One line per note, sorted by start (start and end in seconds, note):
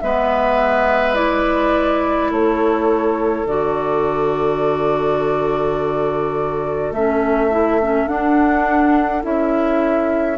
0.00 2.31 G#3
0.00 1.14 B3
0.00 2.31 B4
0.00 1.15 E5
1.14 3.45 E4
1.14 2.31 D5
2.31 3.45 A3
2.31 10.38 A4
2.31 3.47 C#5
3.45 6.91 D3
3.45 6.94 F#4
3.45 6.93 D5
6.91 8.07 A3
6.91 7.51 C#4
6.91 8.08 E5
7.51 7.80 E4
7.82 8.07 C#4
8.07 9.22 D4
8.07 9.23 D4
8.07 9.23 F#5
9.22 10.38 C#4
9.22 10.37 E4
9.22 10.38 E5